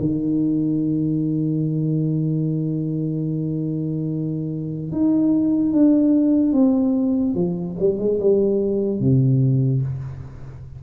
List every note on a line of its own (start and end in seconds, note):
0.00 4.92 D#3
4.92 5.73 D#4
5.73 6.53 D4
6.53 7.35 C4
7.35 7.76 F3
7.80 7.99 G3
7.99 8.20 G#3
8.20 9.00 G3
9.00 9.82 C3